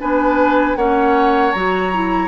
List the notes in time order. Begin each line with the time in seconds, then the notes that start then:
0.00 B3 D4 B4 G#5
0.76 A#3 C#4 C#5 F#5
1.51 F#3 F#4 A#5
1.93 E4